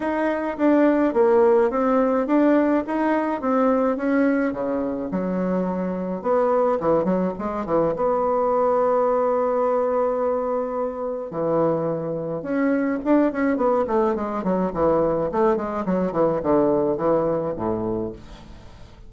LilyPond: \new Staff \with { instrumentName = "bassoon" } { \time 4/4 \tempo 4 = 106 dis'4 d'4 ais4 c'4 | d'4 dis'4 c'4 cis'4 | cis4 fis2 b4 | e8 fis8 gis8 e8 b2~ |
b1 | e2 cis'4 d'8 cis'8 | b8 a8 gis8 fis8 e4 a8 gis8 | fis8 e8 d4 e4 a,4 | }